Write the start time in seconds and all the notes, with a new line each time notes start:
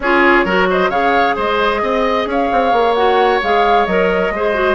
0.00 C#4 F4 G#4 C#5
0.44 F#3 F#4 A#4
0.69 C5 D#5
0.89 C#3 G#4 C#5 F5
1.35 G#3 C5 D#5
1.82 C4 D#5
2.26 C#4 C#5 F5
2.51 C4
2.72 A#3
2.94 F#4 F#5
3.42 G#3 G#4 F5
3.86 F#3 A#4 D#5
4.30 G#3 G#4 C5
4.54 F#4